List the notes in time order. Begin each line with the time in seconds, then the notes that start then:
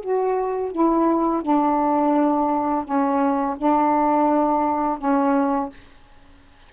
0.00 F#4
0.71 E4
1.42 D4
2.84 C#4
3.57 D4
4.98 C#4